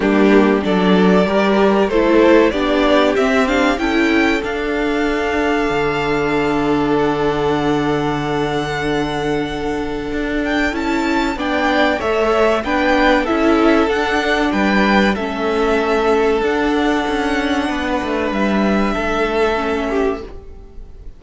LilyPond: <<
  \new Staff \with { instrumentName = "violin" } { \time 4/4 \tempo 4 = 95 g'4 d''2 c''4 | d''4 e''8 f''8 g''4 f''4~ | f''2. fis''4~ | fis''1~ |
fis''8 g''8 a''4 g''4 e''4 | g''4 e''4 fis''4 g''4 | e''2 fis''2~ | fis''4 e''2. | }
  \new Staff \with { instrumentName = "violin" } { \time 4/4 d'4 a'4 ais'4 a'4 | g'2 a'2~ | a'1~ | a'1~ |
a'2 d''4 cis''4 | b'4 a'2 b'4 | a'1 | b'2 a'4. g'8 | }
  \new Staff \with { instrumentName = "viola" } { \time 4/4 ais4 d'4 g'4 e'4 | d'4 c'8 d'8 e'4 d'4~ | d'1~ | d'1~ |
d'4 e'4 d'4 a'4 | d'4 e'4 d'2 | cis'2 d'2~ | d'2. cis'4 | }
  \new Staff \with { instrumentName = "cello" } { \time 4/4 g4 fis4 g4 a4 | b4 c'4 cis'4 d'4~ | d'4 d2.~ | d1 |
d'4 cis'4 b4 a4 | b4 cis'4 d'4 g4 | a2 d'4 cis'4 | b8 a8 g4 a2 | }
>>